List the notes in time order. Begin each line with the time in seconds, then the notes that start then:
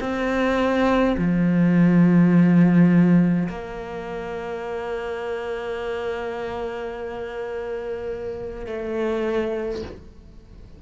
0.00 C4
1.18 F3
3.49 A#3
8.66 A3